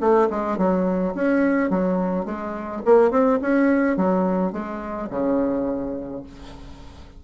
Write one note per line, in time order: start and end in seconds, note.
0.00 0.28 A3
0.30 0.57 G#3
0.57 1.14 F#3
1.14 1.70 C#4
1.70 2.25 F#3
2.25 2.81 G#3
2.85 3.11 A#3
3.11 3.39 C4
3.41 3.96 C#4
3.96 4.52 F#3
4.52 5.09 G#3
5.09 6.23 C#3